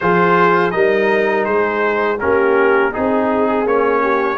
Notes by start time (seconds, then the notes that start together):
0.00 F3 F4 G#4 C5
0.71 G3 D#4 A#4 D#5
1.44 G#3 G#4 C5
2.20 A#3 C#4 G4 A#4
2.92 C4 D#4 G#4
3.65 A#3 C#4 C#5
4.02 G4